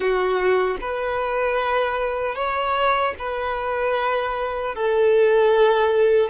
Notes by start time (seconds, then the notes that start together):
0.00 F#4
0.80 B4
2.35 C#5
3.18 B4
4.75 A4